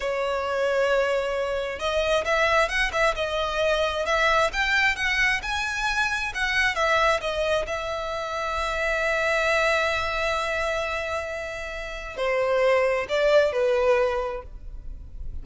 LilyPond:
\new Staff \with { instrumentName = "violin" } { \time 4/4 \tempo 4 = 133 cis''1 | dis''4 e''4 fis''8 e''8 dis''4~ | dis''4 e''4 g''4 fis''4 | gis''2 fis''4 e''4 |
dis''4 e''2.~ | e''1~ | e''2. c''4~ | c''4 d''4 b'2 | }